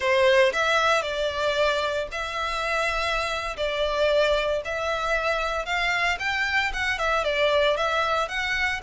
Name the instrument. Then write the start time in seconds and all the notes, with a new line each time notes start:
violin
0.00 C5
0.52 E5
1.02 D5
2.11 E5
3.56 D5
4.64 E5
5.65 F5
6.19 G5
6.73 F#5
6.98 E5
7.24 D5
7.76 E5
8.28 F#5